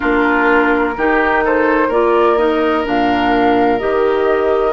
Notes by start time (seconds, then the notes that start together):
0.00 A#3 D4 F4 A#4
0.97 D#3 D#4 G4
1.44 A4 C5
1.88 A#3 F4 A#4 D5
2.37 D#4 D#5
2.84 A#2 D4 F5
3.79 D#3 G4 D#5